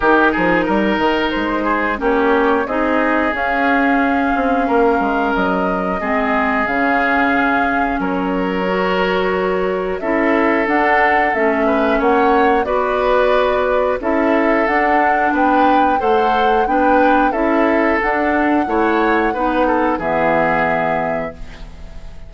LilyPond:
<<
  \new Staff \with { instrumentName = "flute" } { \time 4/4 \tempo 4 = 90 ais'2 c''4 cis''4 | dis''4 f''2. | dis''2 f''2 | cis''2. e''4 |
fis''4 e''4 fis''4 d''4~ | d''4 e''4 fis''4 g''4 | fis''4 g''4 e''4 fis''4~ | fis''2 e''2 | }
  \new Staff \with { instrumentName = "oboe" } { \time 4/4 g'8 gis'8 ais'4. gis'8 g'4 | gis'2. ais'4~ | ais'4 gis'2. | ais'2. a'4~ |
a'4. b'8 cis''4 b'4~ | b'4 a'2 b'4 | c''4 b'4 a'2 | cis''4 b'8 a'8 gis'2 | }
  \new Staff \with { instrumentName = "clarinet" } { \time 4/4 dis'2. cis'4 | dis'4 cis'2.~ | cis'4 c'4 cis'2~ | cis'4 fis'2 e'4 |
d'4 cis'2 fis'4~ | fis'4 e'4 d'2 | a'4 d'4 e'4 d'4 | e'4 dis'4 b2 | }
  \new Staff \with { instrumentName = "bassoon" } { \time 4/4 dis8 f8 g8 dis8 gis4 ais4 | c'4 cis'4. c'8 ais8 gis8 | fis4 gis4 cis2 | fis2. cis'4 |
d'4 a4 ais4 b4~ | b4 cis'4 d'4 b4 | a4 b4 cis'4 d'4 | a4 b4 e2 | }
>>